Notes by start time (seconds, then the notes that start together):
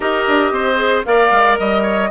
0.00 D#4 G4 A#4 D#5
0.27 D4
0.51 C4 C5
0.75 G#4
1.05 A#3 A#4 D5 F5
1.31 G#3
1.58 G3 D#5
1.82 C#5